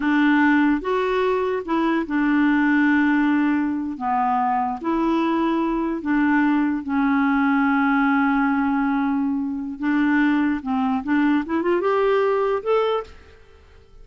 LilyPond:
\new Staff \with { instrumentName = "clarinet" } { \time 4/4 \tempo 4 = 147 d'2 fis'2 | e'4 d'2.~ | d'4.~ d'16 b2 e'16~ | e'2~ e'8. d'4~ d'16~ |
d'8. cis'2.~ cis'16~ | cis'1 | d'2 c'4 d'4 | e'8 f'8 g'2 a'4 | }